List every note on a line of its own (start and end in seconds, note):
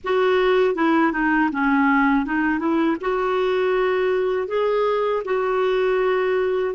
0.04 0.75 F#4
0.75 1.12 E4
1.12 1.50 D#4
1.52 2.25 C#4
2.25 2.59 D#4
2.59 2.96 E4
3.00 4.47 F#4
4.47 5.22 G#4
5.25 6.74 F#4